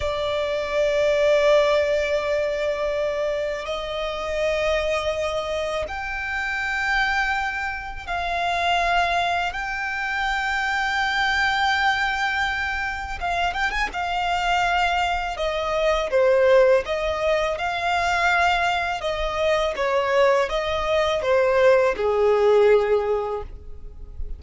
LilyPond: \new Staff \with { instrumentName = "violin" } { \time 4/4 \tempo 4 = 82 d''1~ | d''4 dis''2. | g''2. f''4~ | f''4 g''2.~ |
g''2 f''8 g''16 gis''16 f''4~ | f''4 dis''4 c''4 dis''4 | f''2 dis''4 cis''4 | dis''4 c''4 gis'2 | }